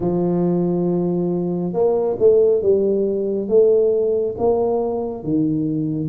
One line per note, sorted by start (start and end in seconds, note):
0.00 1.73 F3
1.73 2.16 A#3
2.19 2.62 A3
2.62 3.48 G3
3.48 4.35 A3
4.38 5.23 A#3
5.23 6.09 D#3